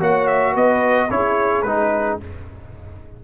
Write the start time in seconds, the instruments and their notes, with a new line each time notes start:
0.00 tuba A#3, trombone F#4, horn C#5, trumpet F#5
0.27 trumpet E5
0.52 tuba B3, horn B4, trumpet D#5
1.10 tuba C#4, trombone E4, horn G#4, trumpet C#5
1.62 tuba G#3, trombone D#4, trumpet B4